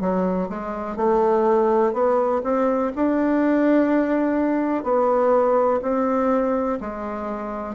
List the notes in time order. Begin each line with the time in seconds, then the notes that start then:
0.00 F#3
0.49 G#3
0.96 A3
1.93 B3
2.44 C4
2.96 D4
4.83 B3
5.82 C4
6.80 G#3